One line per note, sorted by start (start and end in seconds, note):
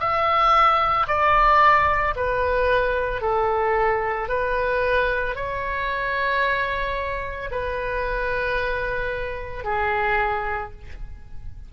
0.00 1.07 E5
1.08 2.15 D5
2.16 3.22 B4
3.22 4.29 A4
4.29 5.36 B4
5.36 7.50 C#5
7.51 9.65 B4
9.65 10.72 G#4